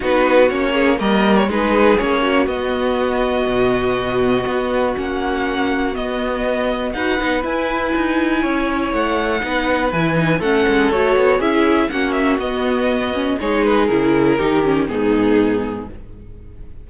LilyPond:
<<
  \new Staff \with { instrumentName = "violin" } { \time 4/4 \tempo 4 = 121 b'4 cis''4 dis''8. cis''16 b'4 | cis''4 dis''2.~ | dis''2 fis''2 | dis''2 fis''4 gis''4~ |
gis''2 fis''2 | gis''4 fis''4 cis''4 e''4 | fis''8 e''8 dis''2 cis''8 b'8 | ais'2 gis'2 | }
  \new Staff \with { instrumentName = "violin" } { \time 4/4 fis'4. gis'8 ais'4 gis'4~ | gis'8 fis'2.~ fis'8~ | fis'1~ | fis'2 b'2~ |
b'4 cis''2 b'4~ | b'4 a'2 gis'4 | fis'2. gis'4~ | gis'4 g'4 dis'2 | }
  \new Staff \with { instrumentName = "viola" } { \time 4/4 dis'4 cis'4 ais4 dis'4 | cis'4 b2.~ | b2 cis'2 | b2 fis'8 dis'8 e'4~ |
e'2. dis'4 | e'8 dis'8 cis'4 fis'4 e'4 | cis'4 b4. cis'8 dis'4 | e'4 dis'8 cis'8 b2 | }
  \new Staff \with { instrumentName = "cello" } { \time 4/4 b4 ais4 g4 gis4 | ais4 b2 b,4~ | b,4 b4 ais2 | b2 dis'8 b8 e'4 |
dis'4 cis'4 a4 b4 | e4 a8 gis8 a8 b8 cis'4 | ais4 b2 gis4 | cis4 dis4 gis,2 | }
>>